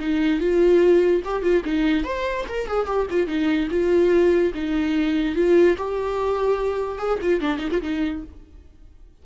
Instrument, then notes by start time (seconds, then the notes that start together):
viola
0.00 D#4
0.40 F4
1.25 G4
1.43 F4
1.65 D#4
2.04 C5
2.48 A#4
2.67 G#4
2.86 G4
3.10 F4
3.27 D#4
3.71 F4
4.54 D#4
5.36 F4
5.78 G4
6.99 G#4
7.22 F4
7.41 D4
7.58 D#4
7.71 F4
7.82 D#4